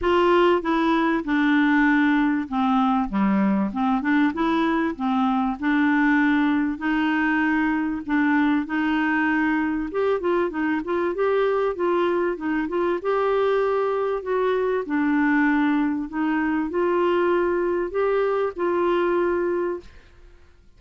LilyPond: \new Staff \with { instrumentName = "clarinet" } { \time 4/4 \tempo 4 = 97 f'4 e'4 d'2 | c'4 g4 c'8 d'8 e'4 | c'4 d'2 dis'4~ | dis'4 d'4 dis'2 |
g'8 f'8 dis'8 f'8 g'4 f'4 | dis'8 f'8 g'2 fis'4 | d'2 dis'4 f'4~ | f'4 g'4 f'2 | }